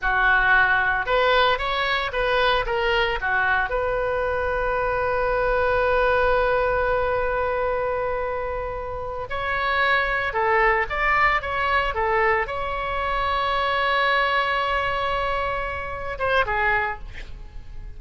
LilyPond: \new Staff \with { instrumentName = "oboe" } { \time 4/4 \tempo 4 = 113 fis'2 b'4 cis''4 | b'4 ais'4 fis'4 b'4~ | b'1~ | b'1~ |
b'4. cis''2 a'8~ | a'8 d''4 cis''4 a'4 cis''8~ | cis''1~ | cis''2~ cis''8 c''8 gis'4 | }